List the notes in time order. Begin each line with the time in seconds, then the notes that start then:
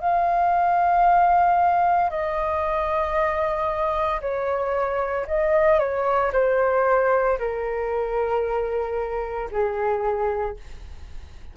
0.00 F5
2.11 D#5
4.21 C#5
5.27 D#5
5.79 C#5
6.33 C5
7.39 A#4
9.52 G#4